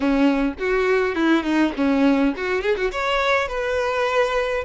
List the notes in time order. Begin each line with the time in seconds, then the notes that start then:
0.00 C#4
0.59 F#4
1.15 E4
1.43 D#4
1.77 C#4
2.36 F#4
2.61 G#4
2.76 F#4
2.91 C#5
3.47 B4